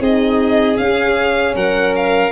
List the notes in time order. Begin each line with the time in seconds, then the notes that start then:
0.00 C4 D#4 G#4 D#5
0.77 C#4 F5
1.55 F#3 A#4 F#5
1.95 F5